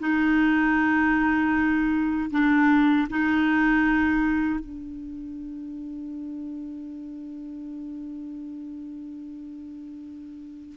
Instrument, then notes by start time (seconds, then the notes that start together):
clarinet
0.00 D#4
2.31 D4
3.10 D#4
4.60 D4